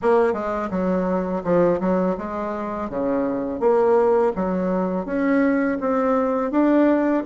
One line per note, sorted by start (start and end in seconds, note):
0.02 0.33 A#3
0.33 0.69 G#3
0.70 1.43 F#3
1.44 1.80 F3
1.80 2.16 F#3
2.17 2.89 G#3
2.89 3.59 C#3
3.59 4.32 A#3
4.35 5.05 F#3
5.05 5.78 C#4
5.80 6.51 C4
6.51 7.23 D4